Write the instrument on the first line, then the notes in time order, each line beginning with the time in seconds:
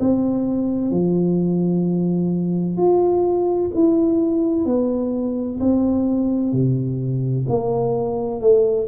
tuba
0.00 C4
0.91 F3
2.77 F4
3.75 E4
4.65 B3
5.60 C4
6.53 C3
7.49 A#3
8.41 A3